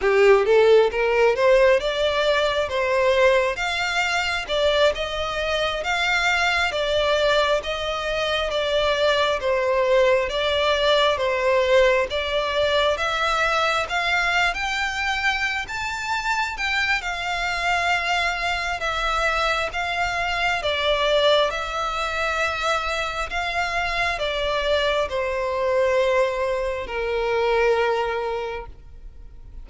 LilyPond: \new Staff \with { instrumentName = "violin" } { \time 4/4 \tempo 4 = 67 g'8 a'8 ais'8 c''8 d''4 c''4 | f''4 d''8 dis''4 f''4 d''8~ | d''8 dis''4 d''4 c''4 d''8~ | d''8 c''4 d''4 e''4 f''8~ |
f''16 g''4~ g''16 a''4 g''8 f''4~ | f''4 e''4 f''4 d''4 | e''2 f''4 d''4 | c''2 ais'2 | }